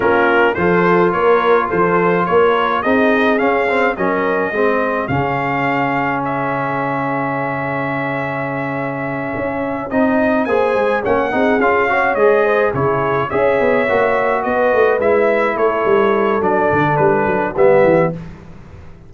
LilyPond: <<
  \new Staff \with { instrumentName = "trumpet" } { \time 4/4 \tempo 4 = 106 ais'4 c''4 cis''4 c''4 | cis''4 dis''4 f''4 dis''4~ | dis''4 f''2 e''4~ | e''1~ |
e''4. dis''4 gis''4 fis''8~ | fis''8 f''4 dis''4 cis''4 e''8~ | e''4. dis''4 e''4 cis''8~ | cis''4 d''4 b'4 e''4 | }
  \new Staff \with { instrumentName = "horn" } { \time 4/4 f'4 a'4 ais'4 a'4 | ais'4 gis'2 ais'4 | gis'1~ | gis'1~ |
gis'2~ gis'8 c''4 cis''8 | gis'4 cis''4 c''8 gis'4 cis''8~ | cis''4. b'2 a'8~ | a'2. g'4 | }
  \new Staff \with { instrumentName = "trombone" } { \time 4/4 cis'4 f'2.~ | f'4 dis'4 cis'8 c'8 cis'4 | c'4 cis'2.~ | cis'1~ |
cis'4. dis'4 gis'4 cis'8 | dis'8 f'8 fis'8 gis'4 e'4 gis'8~ | gis'8 fis'2 e'4.~ | e'4 d'2 b4 | }
  \new Staff \with { instrumentName = "tuba" } { \time 4/4 ais4 f4 ais4 f4 | ais4 c'4 cis'4 fis4 | gis4 cis2.~ | cis1~ |
cis8 cis'4 c'4 ais8 gis8 ais8 | c'8 cis'4 gis4 cis4 cis'8 | b8 ais4 b8 a8 gis4 a8 | g4 fis8 d8 g8 fis8 g8 e8 | }
>>